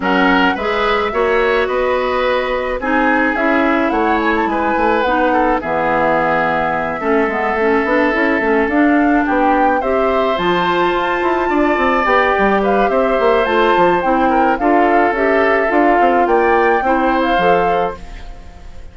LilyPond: <<
  \new Staff \with { instrumentName = "flute" } { \time 4/4 \tempo 4 = 107 fis''4 e''2 dis''4~ | dis''4 gis''4 e''4 fis''8 gis''16 a''16 | gis''4 fis''4 e''2~ | e''2.~ e''8 f''8~ |
f''8 g''4 e''4 a''4.~ | a''4. g''4 f''8 e''4 | a''4 g''4 f''4 e''4 | f''4 g''4.~ g''16 f''4~ f''16 | }
  \new Staff \with { instrumentName = "oboe" } { \time 4/4 ais'4 b'4 cis''4 b'4~ | b'4 gis'2 cis''4 | b'4. a'8 gis'2~ | gis'8 a'2.~ a'8~ |
a'8 g'4 c''2~ c''8~ | c''8 d''2 b'8 c''4~ | c''4. ais'8 a'2~ | a'4 d''4 c''2 | }
  \new Staff \with { instrumentName = "clarinet" } { \time 4/4 cis'4 gis'4 fis'2~ | fis'4 dis'4 e'2~ | e'4 dis'4 b2~ | b8 cis'8 b8 cis'8 d'8 e'8 cis'8 d'8~ |
d'4. g'4 f'4.~ | f'4. g'2~ g'8 | f'4 e'4 f'4 g'4 | f'2 e'4 a'4 | }
  \new Staff \with { instrumentName = "bassoon" } { \time 4/4 fis4 gis4 ais4 b4~ | b4 c'4 cis'4 a4 | gis8 a8 b4 e2~ | e8 a8 gis8 a8 b8 cis'8 a8 d'8~ |
d'8 b4 c'4 f4 f'8 | e'8 d'8 c'8 b8 g4 c'8 ais8 | a8 f8 c'4 d'4 cis'4 | d'8 c'8 ais4 c'4 f4 | }
>>